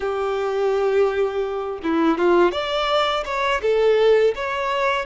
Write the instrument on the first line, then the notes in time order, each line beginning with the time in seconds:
violin
0.00 G4
1.83 E4
2.18 F4
2.51 D5
3.25 C#5
3.61 A4
4.35 C#5